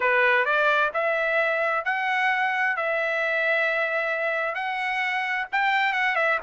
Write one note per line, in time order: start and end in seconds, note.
0.00 0.45 B4
0.45 0.91 D5
0.93 1.84 E5
1.84 2.76 F#5
2.76 4.54 E5
4.54 5.46 F#5
5.51 5.92 G5
5.92 6.15 F#5
6.15 6.38 E5